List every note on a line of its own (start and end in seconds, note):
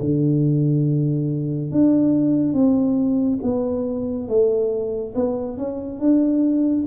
0.00 1.71 D3
1.71 2.53 D4
2.53 3.39 C4
3.42 4.28 B3
4.28 5.14 A3
5.15 5.57 B3
5.57 5.99 C#4
5.99 6.85 D4